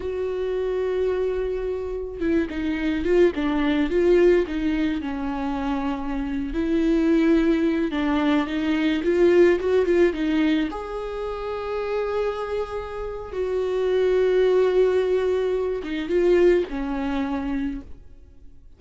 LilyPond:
\new Staff \with { instrumentName = "viola" } { \time 4/4 \tempo 4 = 108 fis'1 | e'8 dis'4 f'8 d'4 f'4 | dis'4 cis'2~ cis'8. e'16~ | e'2~ e'16 d'4 dis'8.~ |
dis'16 f'4 fis'8 f'8 dis'4 gis'8.~ | gis'1 | fis'1~ | fis'8 dis'8 f'4 cis'2 | }